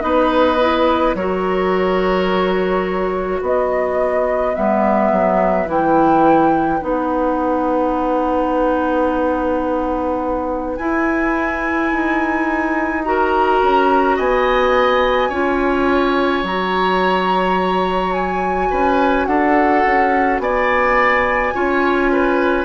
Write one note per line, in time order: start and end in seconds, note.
0.00 1.14 B3
0.00 0.57 D#4
0.00 1.16 B4
0.00 1.15 D#5
0.61 1.17 E4
1.14 3.41 F#3
1.14 4.55 F#4
1.14 3.40 A#4
1.14 3.41 C#5
3.40 4.55 B3
3.40 13.02 B4
3.40 4.55 D#5
4.55 5.12 G3
4.55 5.66 B3
4.55 5.68 E5
5.12 5.67 F#3
5.66 6.80 E3
5.66 6.79 E4
5.66 6.83 G5
6.81 10.78 B3
6.81 10.77 D#4
6.81 10.77 F#5
10.77 11.92 E4
10.77 13.04 E4
10.77 13.03 G#5
11.92 13.62 D#4
13.04 15.31 F#4
13.04 14.16 A#4
13.04 14.17 A#5
13.62 14.19 C#4
14.16 15.29 B3
14.16 15.29 D#5
14.16 16.45 G#5
15.29 16.42 C#4
15.29 16.44 F4
15.29 18.69 C#5
16.43 18.69 F#3
16.43 21.54 F#4
16.43 18.13 A#5
18.13 19.26 G#5
18.70 19.27 C#4
18.70 19.27 B4
19.26 19.84 D4
19.26 20.42 A4
19.26 20.39 F#5
19.86 20.39 C#4
20.39 21.52 B3
20.39 21.54 D5
20.39 22.65 G#5
21.54 22.65 C#4
21.54 22.65 F4
21.54 22.11 C#5
22.12 22.65 B4